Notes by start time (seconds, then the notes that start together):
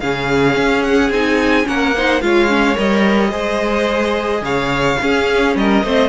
0.00 C#3 C#4 G#4 F5
0.56 C#4
0.83 F#5
1.10 C4 D#4 G#5
1.64 A#3 C#4 A#4 F#5
1.95 D#4 C5
2.21 G#3 F4 C#5 F5
2.48 C#4
2.74 G3 A#4 D#5
3.31 G#3 G#4 C5
4.41 C#3 C#5 F5
5.01 C#4 G#4
5.55 G3 A#4 D#5
5.84 A3 C4 C5